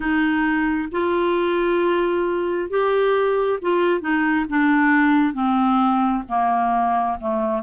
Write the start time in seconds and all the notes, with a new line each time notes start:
0.00 D#4
0.91 F4
2.69 G4
3.61 F4
4.01 D#4
4.49 D4
5.33 C4
6.28 A#3
7.20 A3